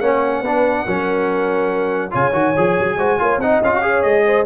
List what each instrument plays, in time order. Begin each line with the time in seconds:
0.00 tuba A#3, trombone C#4, horn C#5, trumpet F#5
0.41 tuba B3, trombone D4, horn B4
0.85 tuba F#3, trombone C#4, horn A#4
2.10 tuba C#3, trombone F4, horn C#5, trumpet G#5
2.32 tuba D#3, trombone F#4
2.56 tuba F3, trombone G#4
2.79 tuba F#3
2.97 tuba G#3, trombone F#4, horn C5
3.18 tuba A#3, trombone F4, horn C#5
3.37 tuba C4, trombone D#4, horn D#5, trumpet F#5
3.62 tuba C#4, trombone F4, trumpet F5
3.74 trombone F#4
3.81 trombone G#4, horn C#5
4.02 tuba G#3, trumpet D#5
4.25 horn C5